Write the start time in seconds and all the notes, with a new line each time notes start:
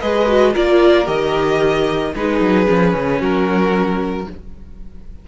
0.00 G#3 G#4 B4 D#5
0.27 F#4
0.53 A#3 F4 A#4 D5
1.05 D#3 G4 D#5
2.14 G#3 D#4 G#4 B4
2.40 F#3
2.66 F3 C#4
2.94 C#3
3.19 F#3 F#4 A#4